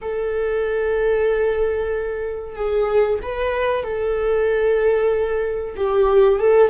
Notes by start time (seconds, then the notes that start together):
0.01 A4
2.55 G#4
3.22 B4
3.83 A4
5.76 G4
6.39 A4